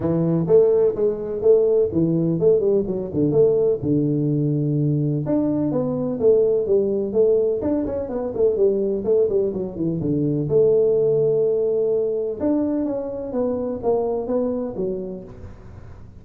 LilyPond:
\new Staff \with { instrumentName = "tuba" } { \time 4/4 \tempo 4 = 126 e4 a4 gis4 a4 | e4 a8 g8 fis8 d8 a4 | d2. d'4 | b4 a4 g4 a4 |
d'8 cis'8 b8 a8 g4 a8 g8 | fis8 e8 d4 a2~ | a2 d'4 cis'4 | b4 ais4 b4 fis4 | }